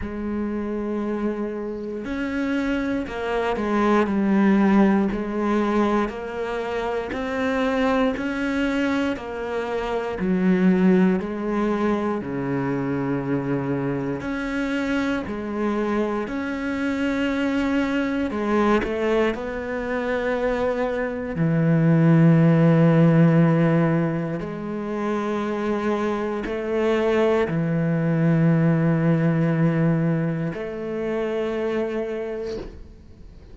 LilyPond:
\new Staff \with { instrumentName = "cello" } { \time 4/4 \tempo 4 = 59 gis2 cis'4 ais8 gis8 | g4 gis4 ais4 c'4 | cis'4 ais4 fis4 gis4 | cis2 cis'4 gis4 |
cis'2 gis8 a8 b4~ | b4 e2. | gis2 a4 e4~ | e2 a2 | }